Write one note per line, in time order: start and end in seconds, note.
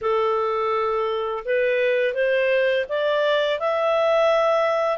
0.01 1.44 A4
1.44 2.14 B4
2.14 2.85 C5
2.88 3.59 D5
3.59 4.97 E5